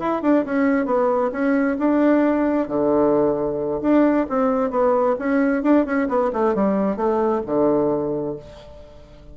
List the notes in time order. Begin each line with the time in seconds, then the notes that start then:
0.00 E4
0.23 D4
0.46 C#4
0.86 B3
1.32 C#4
1.79 D4
2.68 D3
3.82 D4
4.30 C4
4.71 B3
5.19 C#4
5.63 D4
5.86 C#4
6.09 B3
6.33 A3
6.55 G3
6.97 A3
7.46 D3